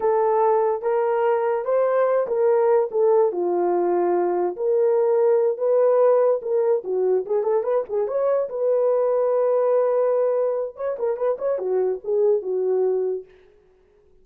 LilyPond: \new Staff \with { instrumentName = "horn" } { \time 4/4 \tempo 4 = 145 a'2 ais'2 | c''4. ais'4. a'4 | f'2. ais'4~ | ais'4. b'2 ais'8~ |
ais'8 fis'4 gis'8 a'8 b'8 gis'8 cis''8~ | cis''8 b'2.~ b'8~ | b'2 cis''8 ais'8 b'8 cis''8 | fis'4 gis'4 fis'2 | }